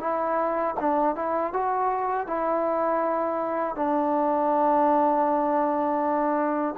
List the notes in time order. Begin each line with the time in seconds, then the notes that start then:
0.00 E4
0.80 D4
1.16 E4
1.53 F#4
2.27 E4
3.76 D4